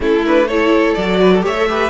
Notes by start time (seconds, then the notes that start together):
0.00 A3 C#4 E4 A4
0.25 D4 B4
0.47 E4 A4 C#5
0.94 F#3 F#4 D5
1.20 B4
1.32 A4
1.42 A3 G4 C#5 E5
1.57 A4
1.68 G4 B4